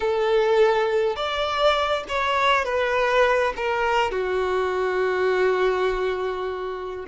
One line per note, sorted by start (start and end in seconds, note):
0.00 1.16 A4
1.16 2.04 D5
2.08 2.64 C#5
2.64 3.53 B4
3.56 4.11 A#4
4.11 7.05 F#4